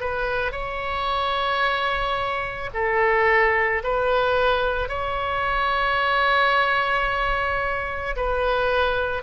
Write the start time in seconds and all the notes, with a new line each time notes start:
0.00 B4
0.52 C#5
2.74 A4
3.83 B4
4.88 C#5
8.16 B4